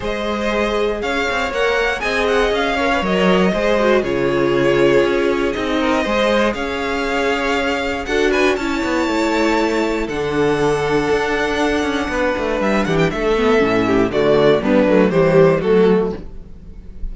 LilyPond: <<
  \new Staff \with { instrumentName = "violin" } { \time 4/4 \tempo 4 = 119 dis''2 f''4 fis''4 | gis''8 fis''8 f''4 dis''2 | cis''2. dis''4~ | dis''4 f''2. |
fis''8 gis''8 a''2. | fis''1~ | fis''4 e''8 fis''16 g''16 e''2 | d''4 b'4 c''4 a'4 | }
  \new Staff \with { instrumentName = "violin" } { \time 4/4 c''2 cis''2 | dis''4. cis''4. c''4 | gis'2.~ gis'8 ais'8 | c''4 cis''2. |
a'8 b'8 cis''2. | a'1 | b'4. g'8 a'4. g'8 | fis'4 d'4 g'4 fis'4 | }
  \new Staff \with { instrumentName = "viola" } { \time 4/4 gis'2. ais'4 | gis'4. ais'16 b'16 ais'4 gis'8 fis'8 | f'2. dis'4 | gis'1 |
fis'4 e'2. | d'1~ | d'2~ d'8 b8 cis'4 | a4 b8 a8 g4 a4 | }
  \new Staff \with { instrumentName = "cello" } { \time 4/4 gis2 cis'8 c'8 ais4 | c'4 cis'4 fis4 gis4 | cis2 cis'4 c'4 | gis4 cis'2. |
d'4 cis'8 b8 a2 | d2 d'4. cis'8 | b8 a8 g8 e8 a4 a,4 | d4 g8 fis8 e4 fis4 | }
>>